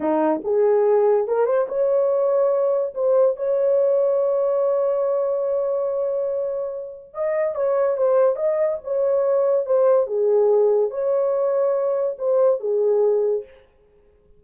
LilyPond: \new Staff \with { instrumentName = "horn" } { \time 4/4 \tempo 4 = 143 dis'4 gis'2 ais'8 c''8 | cis''2. c''4 | cis''1~ | cis''1~ |
cis''4 dis''4 cis''4 c''4 | dis''4 cis''2 c''4 | gis'2 cis''2~ | cis''4 c''4 gis'2 | }